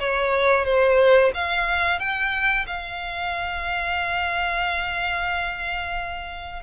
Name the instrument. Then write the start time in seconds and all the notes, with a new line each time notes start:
violin
0.00 C#5
0.65 C5
1.34 F5
1.99 G5
2.67 F5